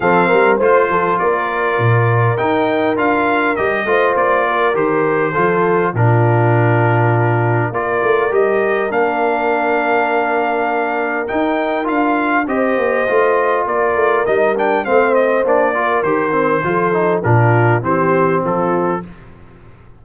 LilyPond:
<<
  \new Staff \with { instrumentName = "trumpet" } { \time 4/4 \tempo 4 = 101 f''4 c''4 d''2 | g''4 f''4 dis''4 d''4 | c''2 ais'2~ | ais'4 d''4 dis''4 f''4~ |
f''2. g''4 | f''4 dis''2 d''4 | dis''8 g''8 f''8 dis''8 d''4 c''4~ | c''4 ais'4 c''4 a'4 | }
  \new Staff \with { instrumentName = "horn" } { \time 4/4 a'8 ais'8 c''8 a'8 ais'2~ | ais'2~ ais'8 c''4 ais'8~ | ais'4 a'4 f'2~ | f'4 ais'2.~ |
ais'1~ | ais'4 c''2 ais'4~ | ais'4 c''4. ais'4. | a'4 f'4 g'4 f'4 | }
  \new Staff \with { instrumentName = "trombone" } { \time 4/4 c'4 f'2. | dis'4 f'4 g'8 f'4. | g'4 f'4 d'2~ | d'4 f'4 g'4 d'4~ |
d'2. dis'4 | f'4 g'4 f'2 | dis'8 d'8 c'4 d'8 f'8 g'8 c'8 | f'8 dis'8 d'4 c'2 | }
  \new Staff \with { instrumentName = "tuba" } { \time 4/4 f8 g8 a8 f8 ais4 ais,4 | dis'4 d'4 g8 a8 ais4 | dis4 f4 ais,2~ | ais,4 ais8 a8 g4 ais4~ |
ais2. dis'4 | d'4 c'8 ais8 a4 ais8 a8 | g4 a4 ais4 dis4 | f4 ais,4 e4 f4 | }
>>